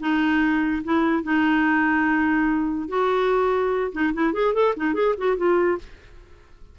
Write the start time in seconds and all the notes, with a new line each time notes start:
0.00 D#4
0.84 E4
1.23 D#4
2.89 F#4
3.93 D#4
4.14 E4
4.33 G#4
4.54 A4
4.77 D#4
4.94 G#4
5.17 F#4
5.37 F4